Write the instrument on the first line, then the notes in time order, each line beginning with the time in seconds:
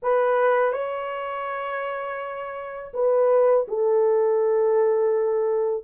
horn
0.02 B4
0.72 C#5
2.93 B4
3.68 A4